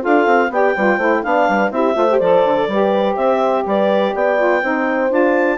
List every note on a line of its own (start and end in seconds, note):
0.00 0.26 D4
0.00 0.48 F4
0.00 0.51 A4
0.00 0.52 F5
0.26 0.50 C4
0.50 0.74 B3
0.50 0.76 G4
0.50 0.76 D5
0.50 1.23 G5
0.76 0.98 G3
0.76 1.00 F4
0.76 0.97 B4
0.97 1.22 A3
0.97 1.24 E4
0.97 1.21 C5
1.23 1.48 B3
1.23 1.72 D4
1.23 1.49 D5
1.23 1.71 F5
1.48 1.71 G3
1.48 1.74 B4
1.71 1.95 C4
1.71 1.95 E4
1.71 1.95 G4
1.71 2.19 E5
1.95 2.20 A3
1.95 2.07 F4
1.95 2.68 C5
2.11 2.21 G4
2.19 2.44 F3
2.19 2.69 A4
2.19 3.15 D5
2.45 2.68 D3
2.68 3.16 G3
2.68 4.37 G4
2.68 3.18 B4
3.16 3.65 C4
3.16 3.67 C5
3.16 3.64 E5
3.66 4.14 G3
3.66 4.15 B4
3.66 4.15 D5
4.15 4.63 B3
4.15 4.62 D5
4.15 5.12 G5
4.37 4.62 F4
4.62 5.11 C4
4.62 5.09 D#4
4.62 5.58 C5
5.09 5.58 D4
5.09 5.58 F4
5.09 5.58 A5